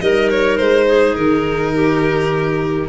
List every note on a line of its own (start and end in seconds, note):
0.00 0.59 G3
0.00 2.89 D#4
0.00 0.87 A#4
0.00 0.29 D#5
0.30 0.57 C#5
0.57 1.17 G#3
0.57 1.14 C5
0.87 1.74 G#4
1.14 2.89 D#3
1.14 2.89 A#4
1.74 2.89 G4